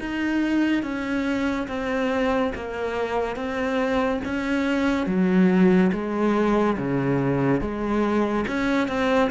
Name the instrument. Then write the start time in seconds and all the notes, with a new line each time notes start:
cello
0.00 D#4
0.83 C#4
1.67 C4
2.55 A#3
3.36 C4
4.25 C#4
5.06 F#3
5.92 G#3
6.77 C#3
7.61 G#3
8.48 C#4
8.88 C4